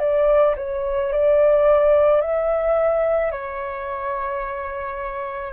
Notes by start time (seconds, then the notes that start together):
0.00 D5
0.57 C#5
1.13 D5
2.22 E5
3.32 C#5